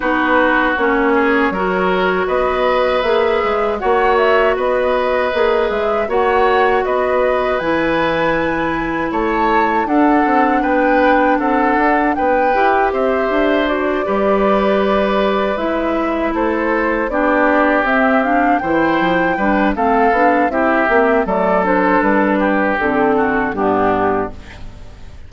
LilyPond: <<
  \new Staff \with { instrumentName = "flute" } { \time 4/4 \tempo 4 = 79 b'4 cis''2 dis''4 | e''4 fis''8 e''8 dis''4. e''8 | fis''4 dis''4 gis''2 | a''4 fis''4 g''4 fis''4 |
g''4 e''4 d''2~ | d''8 e''4 c''4 d''4 e''8 | f''8 g''4. f''4 e''4 | d''8 c''8 b'4 a'4 g'4 | }
  \new Staff \with { instrumentName = "oboe" } { \time 4/4 fis'4. gis'8 ais'4 b'4~ | b'4 cis''4 b'2 | cis''4 b'2. | cis''4 a'4 b'4 a'4 |
b'4 c''4. b'4.~ | b'4. a'4 g'4.~ | g'8 c''4 b'8 a'4 g'4 | a'4. g'4 fis'8 d'4 | }
  \new Staff \with { instrumentName = "clarinet" } { \time 4/4 dis'4 cis'4 fis'2 | gis'4 fis'2 gis'4 | fis'2 e'2~ | e'4 d'2.~ |
d'8 g'4. fis'8 g'4.~ | g'8 e'2 d'4 c'8 | d'8 e'4 d'8 c'8 d'8 e'8 c'8 | a8 d'4. c'4 b4 | }
  \new Staff \with { instrumentName = "bassoon" } { \time 4/4 b4 ais4 fis4 b4 | ais8 gis8 ais4 b4 ais8 gis8 | ais4 b4 e2 | a4 d'8 c'8 b4 c'8 d'8 |
b8 e'8 c'8 d'4 g4.~ | g8 gis4 a4 b4 c'8~ | c'8 e8 f8 g8 a8 b8 c'8 ais8 | fis4 g4 d4 g,4 | }
>>